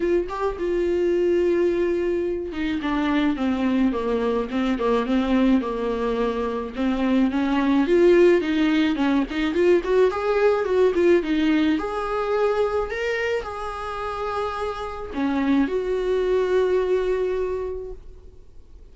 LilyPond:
\new Staff \with { instrumentName = "viola" } { \time 4/4 \tempo 4 = 107 f'8 g'8 f'2.~ | f'8 dis'8 d'4 c'4 ais4 | c'8 ais8 c'4 ais2 | c'4 cis'4 f'4 dis'4 |
cis'8 dis'8 f'8 fis'8 gis'4 fis'8 f'8 | dis'4 gis'2 ais'4 | gis'2. cis'4 | fis'1 | }